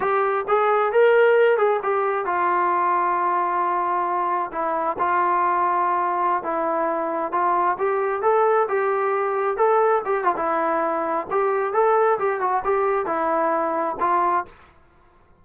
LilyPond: \new Staff \with { instrumentName = "trombone" } { \time 4/4 \tempo 4 = 133 g'4 gis'4 ais'4. gis'8 | g'4 f'2.~ | f'2 e'4 f'4~ | f'2~ f'16 e'4.~ e'16~ |
e'16 f'4 g'4 a'4 g'8.~ | g'4~ g'16 a'4 g'8 f'16 e'4~ | e'4 g'4 a'4 g'8 fis'8 | g'4 e'2 f'4 | }